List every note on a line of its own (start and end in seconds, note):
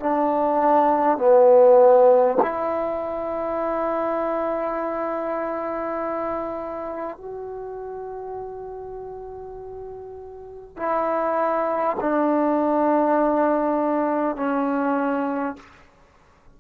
0.00 1.18 D4
1.18 2.38 B3
2.42 7.17 E4
7.17 10.77 F#4
10.77 11.97 E4
12.01 14.36 D4
14.36 15.56 C#4